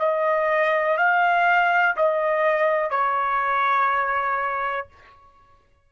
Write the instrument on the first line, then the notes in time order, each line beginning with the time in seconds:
trumpet
0.00 D#5
0.98 F5
1.97 D#5
2.91 C#5